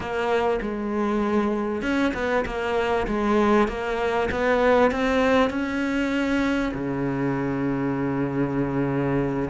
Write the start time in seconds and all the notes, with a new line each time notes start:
0.00 A#3
0.61 G#3
1.82 C#4
2.14 B3
2.45 A#3
3.07 G#3
3.67 A#3
4.31 B3
4.91 C4
5.49 C#4
6.74 C#3